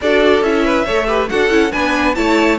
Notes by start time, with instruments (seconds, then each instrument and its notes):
0.01 cello D4, viola F#4, violin A4 D5
0.41 cello C#4, viola E4, violin E5
0.64 violin B4
0.85 cello A3, viola A4, violin C#5
1.07 viola G4, violin B4
1.29 cello D4, viola F#4, violin A4 F#5
1.49 cello C#4, viola E4
1.72 cello B3, viola D4, violin B4 G#5
2.14 cello A3, viola E4, violin C#5 A5